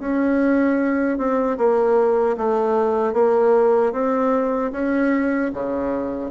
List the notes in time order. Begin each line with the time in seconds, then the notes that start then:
0.00 C#4
1.18 C4
1.58 A#3
2.37 A3
3.14 A#3
3.93 C4
4.72 C#4
5.53 C#3